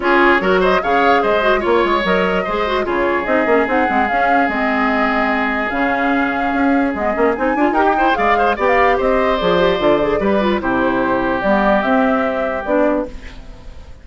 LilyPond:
<<
  \new Staff \with { instrumentName = "flute" } { \time 4/4 \tempo 4 = 147 cis''4. dis''8 f''4 dis''4 | cis''4 dis''2 cis''4 | dis''4 fis''4 f''4 dis''4~ | dis''2 f''2~ |
f''4 dis''4 gis''4 g''4 | f''4 g''16 f''8. dis''4 d''4~ | d''2 c''2 | d''4 e''2 d''4 | }
  \new Staff \with { instrumentName = "oboe" } { \time 4/4 gis'4 ais'8 c''8 cis''4 c''4 | cis''2 c''4 gis'4~ | gis'1~ | gis'1~ |
gis'2. ais'16 g'16 c''8 | d''8 c''8 d''4 c''2~ | c''4 b'4 g'2~ | g'1 | }
  \new Staff \with { instrumentName = "clarinet" } { \time 4/4 f'4 fis'4 gis'4. fis'8 | f'4 ais'4 gis'8 fis'8 f'4 | dis'8 cis'8 dis'8 c'8 cis'4 c'4~ | c'2 cis'2~ |
cis'4 b8 cis'8 dis'8 f'8 g'8 e'8 | gis'4 g'2 gis'8 g'8 | f'8 gis'8 g'8 f'8 e'2 | b4 c'2 d'4 | }
  \new Staff \with { instrumentName = "bassoon" } { \time 4/4 cis'4 fis4 cis4 gis4 | ais8 gis8 fis4 gis4 cis4 | c'8 ais8 c'8 gis8 cis'4 gis4~ | gis2 cis2 |
cis'4 gis8 ais8 c'8 d'8 dis'4 | gis4 b4 c'4 f4 | d4 g4 c2 | g4 c'2 b4 | }
>>